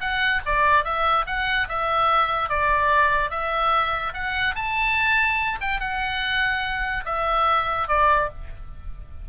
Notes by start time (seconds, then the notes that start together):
0.00 F#5
0.45 D5
0.84 E5
1.26 F#5
1.68 E5
2.49 D5
3.30 E5
4.13 F#5
4.55 A5
5.61 G5
5.80 F#5
7.05 E5
7.88 D5